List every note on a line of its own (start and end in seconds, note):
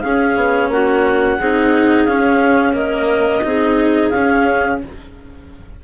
0.00 0.36 C#4
0.00 1.40 C#4
0.00 0.71 G#4
0.00 0.68 F5
0.36 0.68 B3
0.68 1.37 A#3
0.68 1.38 F#4
0.68 2.05 F#5
1.38 2.06 C4
1.38 2.08 D#4
1.38 2.74 G#4
2.05 3.42 C#4
2.05 2.73 C#4
2.05 2.73 F5
2.73 3.41 A#3
2.73 3.42 A#4
2.73 4.10 D#5
3.43 4.11 C4
3.43 4.11 D#4
3.43 4.82 G#4
4.10 4.79 C#4
4.10 4.83 C#4
4.10 4.78 F5